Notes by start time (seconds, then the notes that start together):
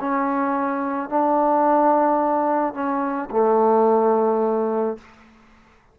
0.00 C#4
1.09 D4
2.73 C#4
3.31 A3